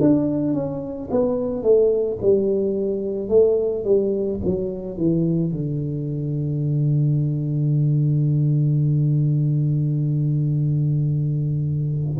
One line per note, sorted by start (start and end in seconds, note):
0.00 0.54 D4
0.54 1.09 C#4
1.11 1.63 B3
1.63 2.18 A3
2.21 3.28 G3
3.28 3.84 A3
3.84 4.39 G3
4.45 4.97 F#3
4.97 5.52 E3
5.52 12.18 D3